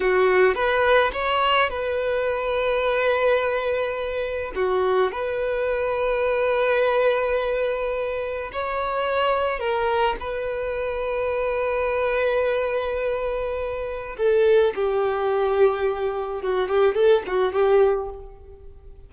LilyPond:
\new Staff \with { instrumentName = "violin" } { \time 4/4 \tempo 4 = 106 fis'4 b'4 cis''4 b'4~ | b'1 | fis'4 b'2.~ | b'2. cis''4~ |
cis''4 ais'4 b'2~ | b'1~ | b'4 a'4 g'2~ | g'4 fis'8 g'8 a'8 fis'8 g'4 | }